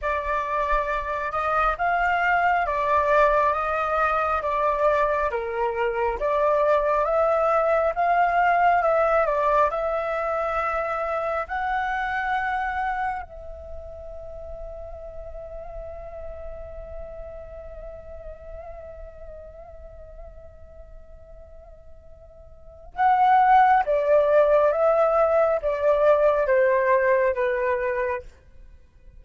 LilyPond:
\new Staff \with { instrumentName = "flute" } { \time 4/4 \tempo 4 = 68 d''4. dis''8 f''4 d''4 | dis''4 d''4 ais'4 d''4 | e''4 f''4 e''8 d''8 e''4~ | e''4 fis''2 e''4~ |
e''1~ | e''1~ | e''2 fis''4 d''4 | e''4 d''4 c''4 b'4 | }